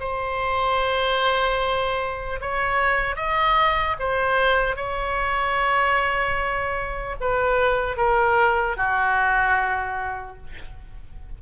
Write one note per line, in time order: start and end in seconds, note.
0.00 2.40 C5
2.41 3.16 C#5
3.16 3.96 D#5
3.99 4.76 C5
4.76 7.16 C#5
7.20 7.97 B4
7.97 8.77 A#4
8.77 10.37 F#4